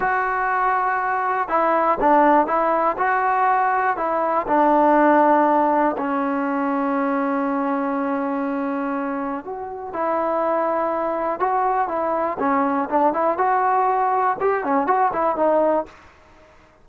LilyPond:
\new Staff \with { instrumentName = "trombone" } { \time 4/4 \tempo 4 = 121 fis'2. e'4 | d'4 e'4 fis'2 | e'4 d'2. | cis'1~ |
cis'2. fis'4 | e'2. fis'4 | e'4 cis'4 d'8 e'8 fis'4~ | fis'4 g'8 cis'8 fis'8 e'8 dis'4 | }